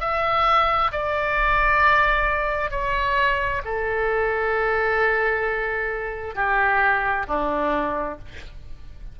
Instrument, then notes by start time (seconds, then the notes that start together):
oboe
0.00 E5
0.92 D5
2.70 C#5
3.64 A4
6.35 G4
7.27 D4